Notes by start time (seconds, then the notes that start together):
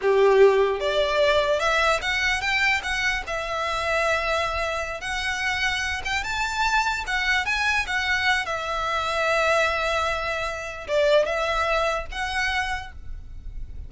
0.01 G4
0.80 D5
1.59 E5
2.01 F#5
2.41 G5
2.83 F#5
3.26 E5
5.01 F#5
6.04 G5
6.23 A5
7.06 F#5
7.45 G#5
7.86 F#5
8.45 E5
10.87 D5
11.25 E5
12.11 F#5